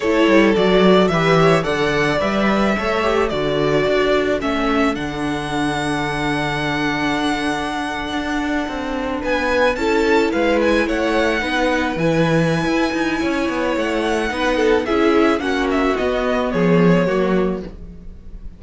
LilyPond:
<<
  \new Staff \with { instrumentName = "violin" } { \time 4/4 \tempo 4 = 109 cis''4 d''4 e''4 fis''4 | e''2 d''2 | e''4 fis''2.~ | fis''1~ |
fis''8. gis''4 a''4 f''8 gis''8 fis''16~ | fis''4.~ fis''16 gis''2~ gis''16~ | gis''4 fis''2 e''4 | fis''8 e''8 dis''4 cis''2 | }
  \new Staff \with { instrumentName = "violin" } { \time 4/4 a'2 b'8 cis''8 d''4~ | d''4 cis''4 a'2~ | a'1~ | a'1~ |
a'8. b'4 a'4 b'4 cis''16~ | cis''8. b'2.~ b'16 | cis''2 b'8 a'8 gis'4 | fis'2 gis'4 fis'4 | }
  \new Staff \with { instrumentName = "viola" } { \time 4/4 e'4 fis'4 g'4 a'4 | b'4 a'8 g'8 fis'2 | cis'4 d'2.~ | d'1~ |
d'4.~ d'16 e'2~ e'16~ | e'8. dis'4 e'2~ e'16~ | e'2 dis'4 e'4 | cis'4 b2 ais4 | }
  \new Staff \with { instrumentName = "cello" } { \time 4/4 a8 g8 fis4 e4 d4 | g4 a4 d4 d'4 | a4 d2.~ | d2~ d8. d'4 c'16~ |
c'8. b4 cis'4 gis4 a16~ | a8. b4 e4~ e16 e'8 dis'8 | cis'8 b8 a4 b4 cis'4 | ais4 b4 f4 fis4 | }
>>